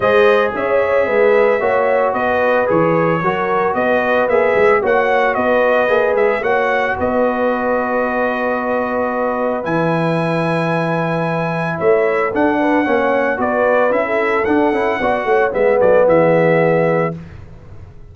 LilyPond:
<<
  \new Staff \with { instrumentName = "trumpet" } { \time 4/4 \tempo 4 = 112 dis''4 e''2. | dis''4 cis''2 dis''4 | e''4 fis''4 dis''4. e''8 | fis''4 dis''2.~ |
dis''2 gis''2~ | gis''2 e''4 fis''4~ | fis''4 d''4 e''4 fis''4~ | fis''4 e''8 d''8 e''2 | }
  \new Staff \with { instrumentName = "horn" } { \time 4/4 c''4 cis''4 b'4 cis''4 | b'2 ais'4 b'4~ | b'4 cis''4 b'2 | cis''4 b'2.~ |
b'1~ | b'2 cis''4 a'8 b'8 | cis''4 b'4~ b'16 a'4.~ a'16 | d''8 cis''8 b'8 a'8 gis'2 | }
  \new Staff \with { instrumentName = "trombone" } { \time 4/4 gis'2. fis'4~ | fis'4 gis'4 fis'2 | gis'4 fis'2 gis'4 | fis'1~ |
fis'2 e'2~ | e'2. d'4 | cis'4 fis'4 e'4 d'8 e'8 | fis'4 b2. | }
  \new Staff \with { instrumentName = "tuba" } { \time 4/4 gis4 cis'4 gis4 ais4 | b4 e4 fis4 b4 | ais8 gis8 ais4 b4 ais8 gis8 | ais4 b2.~ |
b2 e2~ | e2 a4 d'4 | ais4 b4 cis'4 d'8 cis'8 | b8 a8 gis8 fis8 e2 | }
>>